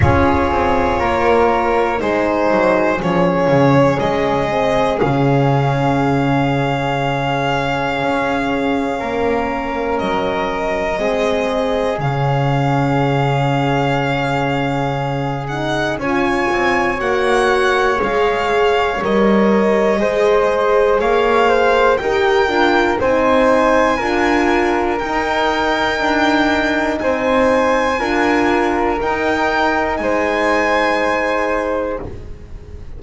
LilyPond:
<<
  \new Staff \with { instrumentName = "violin" } { \time 4/4 \tempo 4 = 60 cis''2 c''4 cis''4 | dis''4 f''2.~ | f''2 dis''2 | f''2.~ f''8 fis''8 |
gis''4 fis''4 f''4 dis''4~ | dis''4 f''4 g''4 gis''4~ | gis''4 g''2 gis''4~ | gis''4 g''4 gis''2 | }
  \new Staff \with { instrumentName = "flute" } { \time 4/4 gis'4 ais'4 gis'2~ | gis'1~ | gis'4 ais'2 gis'4~ | gis'1 |
cis''1 | c''4 cis''8 c''8 ais'4 c''4 | ais'2. c''4 | ais'2 c''2 | }
  \new Staff \with { instrumentName = "horn" } { \time 4/4 f'2 dis'4 cis'4~ | cis'8 c'8 cis'2.~ | cis'2. c'4 | cis'2.~ cis'8 dis'8 |
f'4 fis'4 gis'4 ais'4 | gis'2 g'8 f'8 dis'4 | f'4 dis'2. | f'4 dis'2. | }
  \new Staff \with { instrumentName = "double bass" } { \time 4/4 cis'8 c'8 ais4 gis8 fis8 f8 cis8 | gis4 cis2. | cis'4 ais4 fis4 gis4 | cis1 |
cis'8 c'8 ais4 gis4 g4 | gis4 ais4 dis'8 d'8 c'4 | d'4 dis'4 d'4 c'4 | d'4 dis'4 gis2 | }
>>